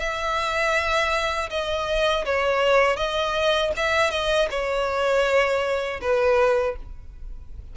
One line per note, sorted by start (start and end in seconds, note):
0.00 1.50 E5
1.50 2.25 D#5
2.25 2.97 C#5
2.97 3.72 D#5
3.77 4.11 E5
4.11 4.49 D#5
4.51 6.01 C#5
6.01 6.76 B4